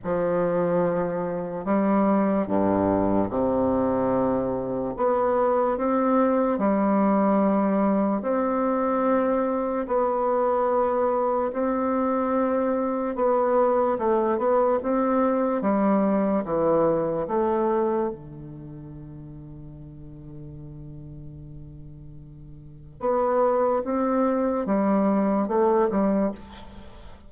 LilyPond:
\new Staff \with { instrumentName = "bassoon" } { \time 4/4 \tempo 4 = 73 f2 g4 g,4 | c2 b4 c'4 | g2 c'2 | b2 c'2 |
b4 a8 b8 c'4 g4 | e4 a4 d2~ | d1 | b4 c'4 g4 a8 g8 | }